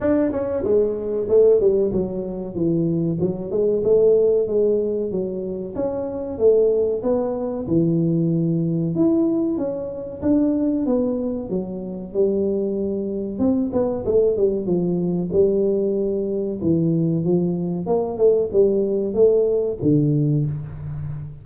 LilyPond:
\new Staff \with { instrumentName = "tuba" } { \time 4/4 \tempo 4 = 94 d'8 cis'8 gis4 a8 g8 fis4 | e4 fis8 gis8 a4 gis4 | fis4 cis'4 a4 b4 | e2 e'4 cis'4 |
d'4 b4 fis4 g4~ | g4 c'8 b8 a8 g8 f4 | g2 e4 f4 | ais8 a8 g4 a4 d4 | }